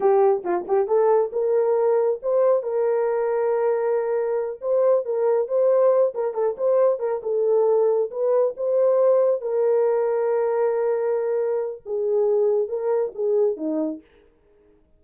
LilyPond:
\new Staff \with { instrumentName = "horn" } { \time 4/4 \tempo 4 = 137 g'4 f'8 g'8 a'4 ais'4~ | ais'4 c''4 ais'2~ | ais'2~ ais'8 c''4 ais'8~ | ais'8 c''4. ais'8 a'8 c''4 |
ais'8 a'2 b'4 c''8~ | c''4. ais'2~ ais'8~ | ais'2. gis'4~ | gis'4 ais'4 gis'4 dis'4 | }